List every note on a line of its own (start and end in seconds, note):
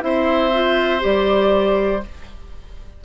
0.00 1.03 C4
0.00 0.50 E4
0.00 2.04 C5
0.00 1.02 E5
0.53 1.00 F4
1.00 2.04 G3
1.00 2.00 G4
1.00 2.04 D5